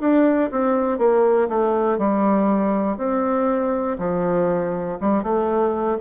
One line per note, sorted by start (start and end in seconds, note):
0.00 0.50 D4
0.50 0.98 C4
0.98 1.48 A#3
1.48 1.98 A3
1.98 2.97 G3
2.97 3.97 C4
3.98 4.98 F3
5.00 5.23 G3
5.23 5.98 A3